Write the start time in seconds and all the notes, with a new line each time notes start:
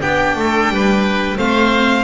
0.00 B3 D4 G4 G5
0.35 A3 A4
0.69 G3 B4
1.36 A3 C4 C5 F5